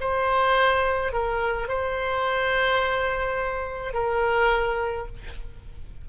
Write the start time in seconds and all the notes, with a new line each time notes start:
0.00 C5
1.12 A#4
1.68 C5
3.93 A#4